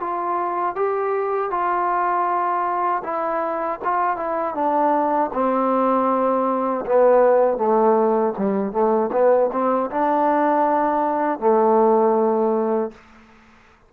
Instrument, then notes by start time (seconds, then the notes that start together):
trombone
0.00 F4
0.76 G4
1.51 F4
3.04 E4
3.85 F4
4.17 E4
4.55 D4
5.33 C4
6.86 B3
7.58 A3
8.39 G3
8.72 A3
9.12 B3
9.52 C4
9.91 D4
11.40 A3